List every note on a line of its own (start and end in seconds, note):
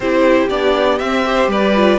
0.00 0.49 C4
0.00 0.49 E4
0.00 1.26 G4
0.00 0.48 C5
0.49 1.00 B3
0.49 0.99 D4
0.49 0.98 D5
0.98 1.47 C4
0.98 1.25 C4
0.98 1.48 E5
1.25 1.75 G4
1.25 1.50 C5
1.47 1.97 G3
1.47 1.99 B4
1.47 1.99 D5
1.75 1.99 F4